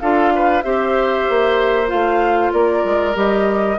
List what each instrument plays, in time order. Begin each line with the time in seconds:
0.00 bassoon D4, clarinet F4, oboe A4, flute F5
0.35 oboe B4
0.62 bassoon C4, clarinet G4, oboe C5, flute E5
1.29 bassoon A#3
1.87 bassoon A3, clarinet F4, flute F5
2.53 bassoon A#3, oboe A#4, flute D5
2.85 bassoon G#3
3.14 bassoon G3, clarinet G4, flute D#5